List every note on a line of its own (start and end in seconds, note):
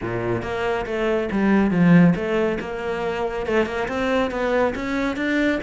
0.01 0.42 A#2
0.42 0.85 A#3
0.86 1.29 A3
1.31 1.71 G3
1.71 2.14 F3
2.15 2.58 A3
2.60 3.46 A#3
3.46 3.66 A3
3.66 3.87 A#3
3.88 4.30 C4
4.30 4.74 B3
4.75 5.16 C#4
5.16 5.59 D4